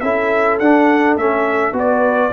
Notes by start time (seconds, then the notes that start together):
0.00 C#4 E4 A4 E5
0.59 D4 F#5
1.16 A3 C#4 E5
1.72 B3 F#4 B4
1.78 D5